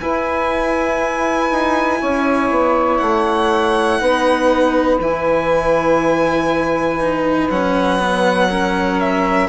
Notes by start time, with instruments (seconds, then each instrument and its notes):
0.00 bassoon E4, cello E4, saxophone B4, violin G#5
1.50 bassoon D#4
2.00 bassoon C#4, saxophone C#5
2.50 bassoon B3
2.97 bassoon A3, violin F#5
3.99 bassoon B3, cello D#4, saxophone B4
5.00 bassoon E3, cello E4, violin G#5
7.00 cello D#4
7.50 bassoon F#3, cello C#4, violin F#5
7.99 cello B3
8.49 cello C#4, saxophone A#4
9.00 violin E5